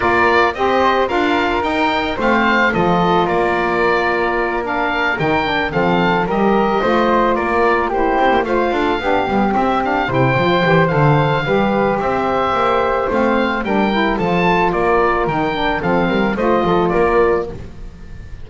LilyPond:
<<
  \new Staff \with { instrumentName = "oboe" } { \time 4/4 \tempo 4 = 110 d''4 dis''4 f''4 g''4 | f''4 dis''4 d''2~ | d''8 f''4 g''4 f''4 dis''8~ | dis''4. d''4 c''4 f''8~ |
f''4. e''8 f''8 g''4. | f''2 e''2 | f''4 g''4 a''4 d''4 | g''4 f''4 dis''4 d''4 | }
  \new Staff \with { instrumentName = "flute" } { \time 4/4 ais'4 c''4 ais'2 | c''4 a'4 ais'2~ | ais'2~ ais'8 a'4 ais'8~ | ais'8 c''4 ais'4 g'4 c''8 |
a'8 g'2 c''4.~ | c''4 b'4 c''2~ | c''4 ais'4 a'4 ais'4~ | ais'4 a'8 ais'8 c''8 a'8 ais'4 | }
  \new Staff \with { instrumentName = "saxophone" } { \time 4/4 f'4 g'4 f'4 dis'4 | c'4 f'2.~ | f'8 d'4 dis'8 d'8 c'4 g'8~ | g'8 f'2 e'4 f'8~ |
f'8 d'8 b8 c'8 d'8 e'8 f'8 g'8 | a'4 g'2. | c'4 d'8 e'8 f'2 | dis'8 d'8 c'4 f'2 | }
  \new Staff \with { instrumentName = "double bass" } { \time 4/4 ais4 c'4 d'4 dis'4 | a4 f4 ais2~ | ais4. dis4 f4 g8~ | g8 a4 ais4. c'16 ais16 a8 |
d'8 b8 g8 c'4 c8 f8 e8 | d4 g4 c'4 ais4 | a4 g4 f4 ais4 | dis4 f8 g8 a8 f8 ais4 | }
>>